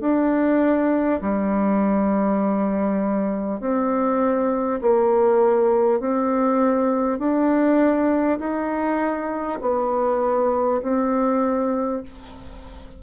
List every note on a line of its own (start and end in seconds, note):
0.00 1.20 D4
1.21 3.60 G3
3.60 4.80 C4
4.81 5.99 A#3
5.99 7.18 C4
7.18 8.38 D4
8.39 9.59 D#4
9.61 10.81 B3
10.82 12.02 C4